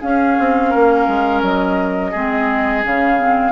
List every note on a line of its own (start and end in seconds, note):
0.00 2.13 C#4
0.00 0.38 C#4
0.00 0.70 G#4
0.00 1.43 F5
0.39 0.75 C4
0.70 1.08 A#3
0.70 2.11 A#4
1.08 1.42 G#3
1.42 2.13 F#3
1.42 2.85 D#5
2.11 2.85 G#3
2.11 2.83 C4
2.11 3.52 G#4
2.83 3.52 C#3
2.83 3.19 C#4
2.83 3.52 F5
3.19 3.52 C4